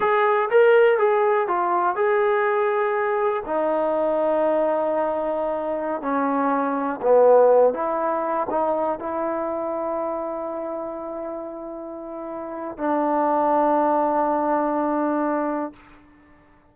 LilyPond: \new Staff \with { instrumentName = "trombone" } { \time 4/4 \tempo 4 = 122 gis'4 ais'4 gis'4 f'4 | gis'2. dis'4~ | dis'1~ | dis'16 cis'2 b4. e'16~ |
e'4~ e'16 dis'4 e'4.~ e'16~ | e'1~ | e'2 d'2~ | d'1 | }